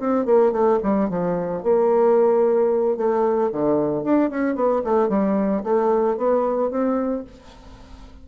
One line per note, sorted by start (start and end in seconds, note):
0.00 0.26 C4
0.26 0.53 A#3
0.53 0.79 A3
0.83 1.10 G3
1.10 1.63 F3
1.63 2.97 A#3
2.97 3.51 A3
3.53 4.04 D3
4.04 4.31 D4
4.31 4.56 C#4
4.56 4.82 B3
4.85 5.09 A3
5.09 5.63 G3
5.64 6.18 A3
6.18 6.71 B3
6.71 7.25 C4